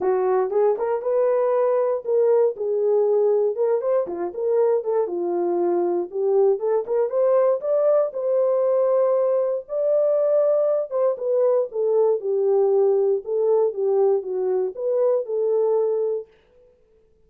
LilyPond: \new Staff \with { instrumentName = "horn" } { \time 4/4 \tempo 4 = 118 fis'4 gis'8 ais'8 b'2 | ais'4 gis'2 ais'8 c''8 | f'8 ais'4 a'8 f'2 | g'4 a'8 ais'8 c''4 d''4 |
c''2. d''4~ | d''4. c''8 b'4 a'4 | g'2 a'4 g'4 | fis'4 b'4 a'2 | }